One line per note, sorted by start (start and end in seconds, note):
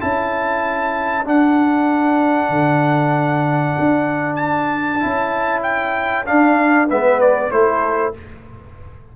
0.00 1.27 C#4
0.00 1.25 E4
0.00 6.87 A4
0.00 1.26 A5
1.25 5.00 D4
1.25 2.49 D4
1.25 4.36 F#5
2.49 3.74 D3
3.79 5.04 D4
4.36 5.61 A5
5.00 6.29 C#4
5.00 6.25 E4
5.63 6.25 G5
6.26 6.88 D4
6.26 6.91 D4
6.26 6.89 F5
6.87 7.51 G#3
6.87 7.51 B3
6.87 7.50 B4
6.87 7.21 E5
7.21 7.51 D5
7.51 8.14 A3
7.51 8.14 E4
7.51 8.16 A4
7.51 8.14 C5